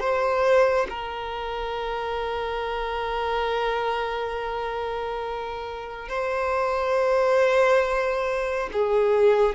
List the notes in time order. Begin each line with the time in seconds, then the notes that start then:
0.00 C5
0.89 A#4
6.09 C5
8.73 G#4